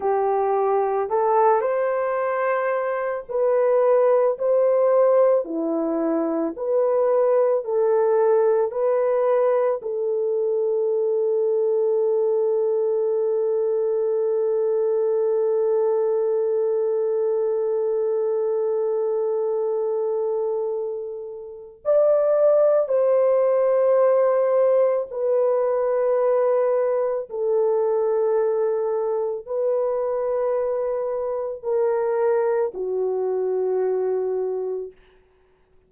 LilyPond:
\new Staff \with { instrumentName = "horn" } { \time 4/4 \tempo 4 = 55 g'4 a'8 c''4. b'4 | c''4 e'4 b'4 a'4 | b'4 a'2.~ | a'1~ |
a'1 | d''4 c''2 b'4~ | b'4 a'2 b'4~ | b'4 ais'4 fis'2 | }